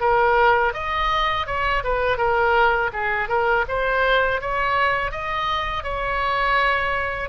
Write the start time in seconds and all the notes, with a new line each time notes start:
0.00 A#4
0.74 D#5
1.46 C#5
1.84 B4
2.18 A#4
2.93 G#4
3.28 A#4
3.68 C5
4.41 C#5
5.11 D#5
5.83 C#5